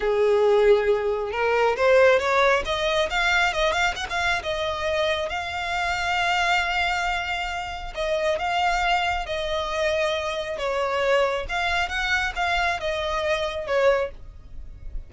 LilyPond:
\new Staff \with { instrumentName = "violin" } { \time 4/4 \tempo 4 = 136 gis'2. ais'4 | c''4 cis''4 dis''4 f''4 | dis''8 f''8 fis''16 f''8. dis''2 | f''1~ |
f''2 dis''4 f''4~ | f''4 dis''2. | cis''2 f''4 fis''4 | f''4 dis''2 cis''4 | }